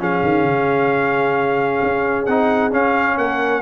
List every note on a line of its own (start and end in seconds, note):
0.00 0.23 F3
0.00 2.27 C#4
0.00 3.18 G#4
0.00 2.26 F5
0.23 0.44 D#3
0.44 1.80 C#3
1.82 2.27 C#4
2.26 2.73 C4
2.26 2.72 D#4
2.26 2.72 F#5
2.72 3.62 C#4
2.72 3.18 C#4
2.72 3.18 F5
3.18 3.62 A#3
3.18 3.62 A#4
3.18 3.62 F#5